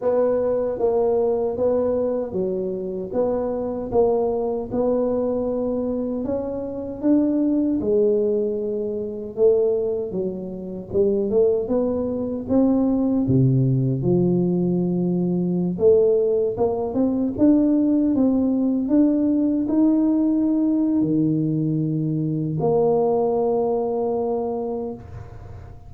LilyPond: \new Staff \with { instrumentName = "tuba" } { \time 4/4 \tempo 4 = 77 b4 ais4 b4 fis4 | b4 ais4 b2 | cis'4 d'4 gis2 | a4 fis4 g8 a8 b4 |
c'4 c4 f2~ | f16 a4 ais8 c'8 d'4 c'8.~ | c'16 d'4 dis'4.~ dis'16 dis4~ | dis4 ais2. | }